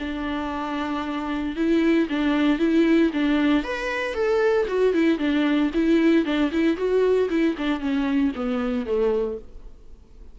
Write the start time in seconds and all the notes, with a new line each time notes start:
0.00 D4
1.56 E4
2.09 D4
2.59 E4
3.14 D4
3.64 B4
4.14 A4
4.68 F#4
4.94 E4
5.19 D4
5.74 E4
6.25 D4
6.52 E4
6.77 F#4
7.30 E4
7.58 D4
7.80 C#4
8.35 B3
8.86 A3